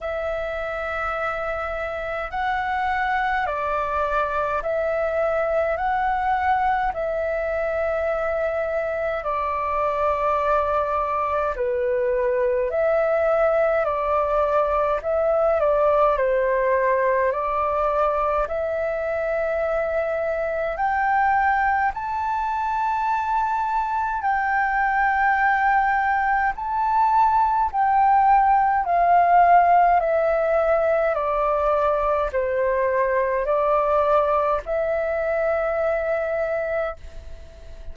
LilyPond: \new Staff \with { instrumentName = "flute" } { \time 4/4 \tempo 4 = 52 e''2 fis''4 d''4 | e''4 fis''4 e''2 | d''2 b'4 e''4 | d''4 e''8 d''8 c''4 d''4 |
e''2 g''4 a''4~ | a''4 g''2 a''4 | g''4 f''4 e''4 d''4 | c''4 d''4 e''2 | }